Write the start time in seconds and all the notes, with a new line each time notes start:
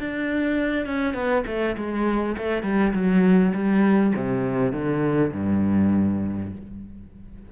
0.00 D4
0.86 C#4
1.14 B3
1.47 A3
1.77 G#3
2.38 A3
2.63 G3
2.94 F#3
3.54 G3
4.16 C3
4.73 D3
5.34 G2